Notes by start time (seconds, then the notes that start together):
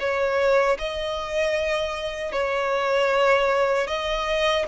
0.00 C#5
0.79 D#5
2.32 C#5
3.87 D#5